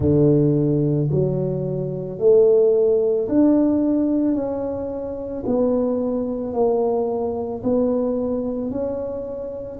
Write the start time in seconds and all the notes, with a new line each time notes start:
0.00 D3
1.10 F#3
2.18 A3
3.28 D4
4.34 C#4
5.45 B3
6.53 A#3
7.63 B3
8.70 C#4